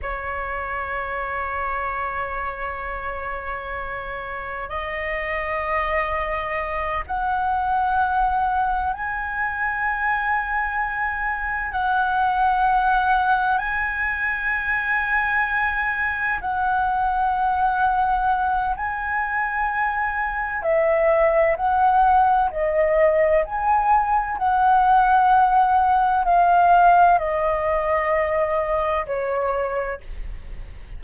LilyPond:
\new Staff \with { instrumentName = "flute" } { \time 4/4 \tempo 4 = 64 cis''1~ | cis''4 dis''2~ dis''8 fis''8~ | fis''4. gis''2~ gis''8~ | gis''8 fis''2 gis''4.~ |
gis''4. fis''2~ fis''8 | gis''2 e''4 fis''4 | dis''4 gis''4 fis''2 | f''4 dis''2 cis''4 | }